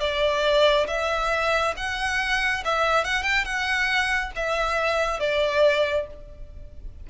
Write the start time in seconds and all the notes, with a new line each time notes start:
0.00 D5
0.87 E5
1.77 F#5
2.65 E5
3.05 F#5
3.23 G5
3.45 F#5
4.36 E5
5.20 D5